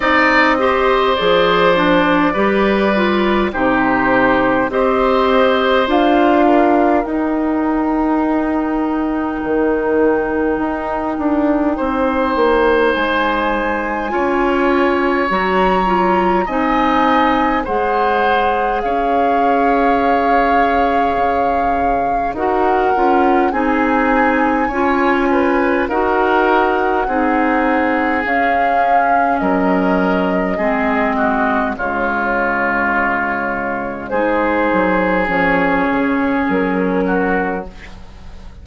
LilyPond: <<
  \new Staff \with { instrumentName = "flute" } { \time 4/4 \tempo 4 = 51 dis''4 d''2 c''4 | dis''4 f''4 g''2~ | g''2. gis''4~ | gis''4 ais''4 gis''4 fis''4 |
f''2. fis''4 | gis''2 fis''2 | f''4 dis''2 cis''4~ | cis''4 c''4 cis''4 ais'4 | }
  \new Staff \with { instrumentName = "oboe" } { \time 4/4 d''8 c''4. b'4 g'4 | c''4. ais'2~ ais'8~ | ais'2 c''2 | cis''2 dis''4 c''4 |
cis''2. ais'4 | gis'4 cis''8 b'8 ais'4 gis'4~ | gis'4 ais'4 gis'8 fis'8 f'4~ | f'4 gis'2~ gis'8 fis'8 | }
  \new Staff \with { instrumentName = "clarinet" } { \time 4/4 dis'8 g'8 gis'8 d'8 g'8 f'8 dis'4 | g'4 f'4 dis'2~ | dis'1 | f'4 fis'8 f'8 dis'4 gis'4~ |
gis'2. fis'8 f'8 | dis'4 f'4 fis'4 dis'4 | cis'2 c'4 gis4~ | gis4 dis'4 cis'2 | }
  \new Staff \with { instrumentName = "bassoon" } { \time 4/4 c'4 f4 g4 c4 | c'4 d'4 dis'2 | dis4 dis'8 d'8 c'8 ais8 gis4 | cis'4 fis4 c'4 gis4 |
cis'2 cis4 dis'8 cis'8 | c'4 cis'4 dis'4 c'4 | cis'4 fis4 gis4 cis4~ | cis4 gis8 fis8 f8 cis8 fis4 | }
>>